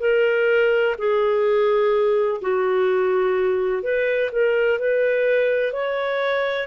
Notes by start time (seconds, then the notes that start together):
0.00 A#4
0.98 G#4
2.42 F#4
3.83 B4
4.32 A#4
4.79 B4
5.73 C#5